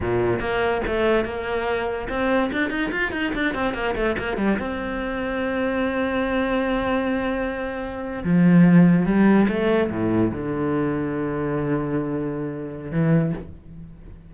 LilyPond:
\new Staff \with { instrumentName = "cello" } { \time 4/4 \tempo 4 = 144 ais,4 ais4 a4 ais4~ | ais4 c'4 d'8 dis'8 f'8 dis'8 | d'8 c'8 ais8 a8 ais8 g8 c'4~ | c'1~ |
c'2.~ c'8. f16~ | f4.~ f16 g4 a4 a,16~ | a,8. d2.~ d16~ | d2. e4 | }